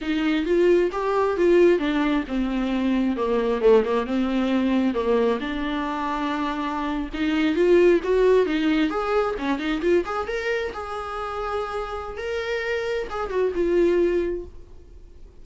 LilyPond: \new Staff \with { instrumentName = "viola" } { \time 4/4 \tempo 4 = 133 dis'4 f'4 g'4 f'4 | d'4 c'2 ais4 | a8 ais8 c'2 ais4 | d'2.~ d'8. dis'16~ |
dis'8. f'4 fis'4 dis'4 gis'16~ | gis'8. cis'8 dis'8 f'8 gis'8 ais'4 gis'16~ | gis'2. ais'4~ | ais'4 gis'8 fis'8 f'2 | }